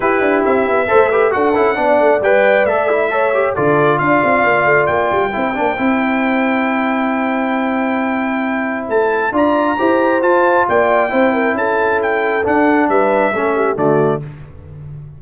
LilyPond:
<<
  \new Staff \with { instrumentName = "trumpet" } { \time 4/4 \tempo 4 = 135 b'4 e''2 fis''4~ | fis''4 g''4 e''2 | d''4 f''2 g''4~ | g''1~ |
g''1 | a''4 ais''2 a''4 | g''2 a''4 g''4 | fis''4 e''2 d''4 | }
  \new Staff \with { instrumentName = "horn" } { \time 4/4 g'2 c''8 b'8 a'4 | d''2. cis''4 | a'4 d''2. | c''1~ |
c''1~ | c''4 d''4 c''2 | d''4 c''8 ais'8 a'2~ | a'4 b'4 a'8 g'8 fis'4 | }
  \new Staff \with { instrumentName = "trombone" } { \time 4/4 e'2 a'8 g'8 fis'8 e'8 | d'4 b'4 a'8 e'8 a'8 g'8 | f'1 | e'8 d'8 e'2.~ |
e'1~ | e'4 f'4 g'4 f'4~ | f'4 e'2. | d'2 cis'4 a4 | }
  \new Staff \with { instrumentName = "tuba" } { \time 4/4 e'8 d'8 c'8 b8 a4 d'8 cis'8 | b8 a8 g4 a2 | d4 d'8 c'8 ais8 a8 ais8 g8 | c'8 ais8 c'2.~ |
c'1 | a4 d'4 e'4 f'4 | ais4 c'4 cis'2 | d'4 g4 a4 d4 | }
>>